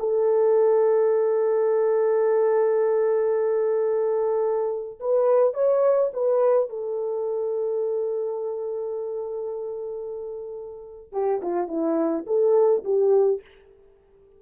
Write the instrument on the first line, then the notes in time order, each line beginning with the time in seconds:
horn
0.00 A4
5.00 B4
5.54 C#5
6.14 B4
6.70 A4
11.13 G4
11.42 F4
11.68 E4
12.27 A4
12.85 G4